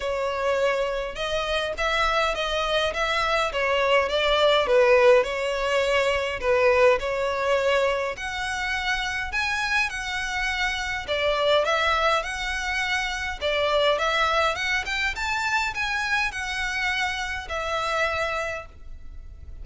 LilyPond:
\new Staff \with { instrumentName = "violin" } { \time 4/4 \tempo 4 = 103 cis''2 dis''4 e''4 | dis''4 e''4 cis''4 d''4 | b'4 cis''2 b'4 | cis''2 fis''2 |
gis''4 fis''2 d''4 | e''4 fis''2 d''4 | e''4 fis''8 g''8 a''4 gis''4 | fis''2 e''2 | }